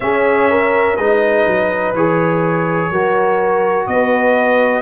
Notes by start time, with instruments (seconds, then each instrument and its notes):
0.00 tuba C#4, trombone C#4, horn G#4, trumpet E5
0.50 horn A#4
0.96 tuba G#3, trombone D#4, horn B4, trumpet D#5
1.47 tuba F#3
1.93 tuba E3, trombone G#4, trumpet C#5
2.90 tuba F#3, trombone F#4, horn A#4
3.86 tuba B3, horn B4, trumpet D#5